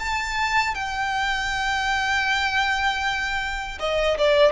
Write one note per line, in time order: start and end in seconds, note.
0.00 0.75 A5
0.75 3.79 G5
3.80 4.18 D#5
4.18 4.53 D5